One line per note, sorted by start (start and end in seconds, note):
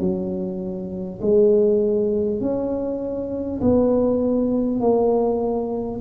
0.00 1.20 F#3
1.22 2.41 G#3
2.41 3.61 C#4
3.61 4.81 B3
4.81 6.01 A#3